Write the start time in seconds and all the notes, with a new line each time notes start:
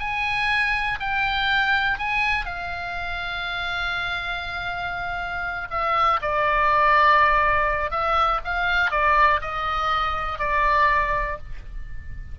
0.00 G#5
1.00 G5
1.99 G#5
2.46 F5
5.70 E5
6.22 D5
7.91 E5
8.45 F5
8.91 D5
9.41 D#5
10.39 D5